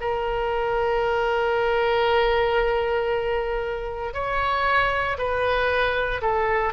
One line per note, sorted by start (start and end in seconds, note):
0.00 4.13 A#4
4.13 5.17 C#5
5.18 6.21 B4
6.21 6.73 A4